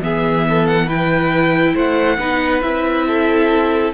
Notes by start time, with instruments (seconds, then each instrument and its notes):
0.00 cello E3, viola B3, violin G#4 E5
0.50 violin A4
0.68 violin F#5
0.87 viola E4, violin B4 G5
1.74 cello A3, violin C5 F#5
2.18 cello B3, viola D#4, violin B4
2.62 cello C4, viola E4, violin E5
3.07 violin A4